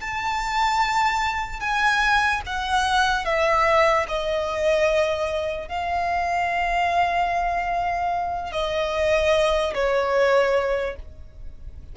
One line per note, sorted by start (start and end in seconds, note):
0.00 1.60 A5
1.60 2.41 G#5
2.46 3.25 F#5
3.25 4.06 E5
4.08 5.68 D#5
5.68 8.52 F5
8.52 9.73 D#5
9.74 10.95 C#5